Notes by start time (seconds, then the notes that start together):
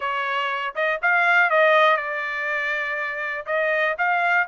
0.00 C#5
0.75 D#5
1.02 F5
1.50 D#5
1.97 D5
3.46 D#5
3.98 F5